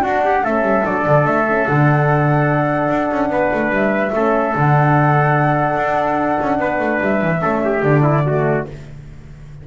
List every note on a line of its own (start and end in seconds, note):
0.00 0.41 D4
0.00 0.43 D4
0.00 0.23 F#4
0.00 0.45 F#5
0.25 0.44 G4
0.44 0.62 A3
0.44 0.85 C#4
0.44 3.31 A4
0.44 0.86 E5
0.62 0.82 G3
0.85 1.06 F#3
0.85 1.46 D4
0.85 1.26 D5
1.06 1.25 D3
1.25 1.66 A3
1.25 1.67 E5
1.49 1.67 C#4
1.67 2.89 D3
1.67 4.14 D4
1.67 3.73 F#5
2.89 3.10 D4
3.11 3.30 C#4
3.30 3.50 B3
3.30 4.14 B4
3.54 3.70 A3
3.70 4.11 G3
3.70 4.56 E5
4.13 4.54 A3
4.13 4.54 C#4
4.13 6.60 A4
4.54 5.77 D3
4.54 7.41 D4
4.54 7.02 F#5
5.77 6.38 D4
6.42 6.59 C#4
6.59 6.79 B3
6.59 7.41 B4
6.79 6.99 A3
7.01 7.21 G3
7.01 7.84 E5
7.21 7.42 E3
7.41 7.83 A3
7.41 7.82 C#4
7.41 7.62 A4
7.65 8.03 G4
7.83 8.65 D3
7.83 8.26 D4
7.83 8.66 D5
8.03 8.23 E4
8.26 8.67 A3
8.26 8.67 F#4